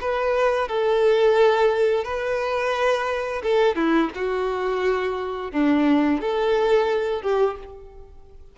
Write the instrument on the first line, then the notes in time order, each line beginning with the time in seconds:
violin
0.00 B4
0.68 A4
2.04 B4
3.43 A4
3.76 E4
4.14 F#4
5.51 D4
6.21 A4
7.22 G4